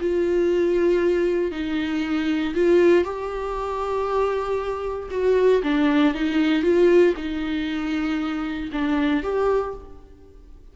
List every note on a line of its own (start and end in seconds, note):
0.00 1.52 F4
1.52 2.54 D#4
2.55 3.04 F4
3.04 5.09 G4
5.11 5.62 F#4
5.63 6.14 D4
6.14 6.62 D#4
6.62 7.14 F4
7.17 8.70 D#4
8.72 9.23 D4
9.23 9.74 G4